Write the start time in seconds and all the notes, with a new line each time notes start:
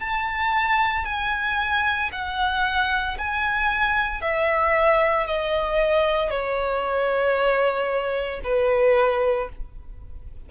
0.00 A5
1.05 G#5
2.12 F#5
3.18 G#5
4.22 E5
5.27 D#5
6.30 C#5
8.44 B4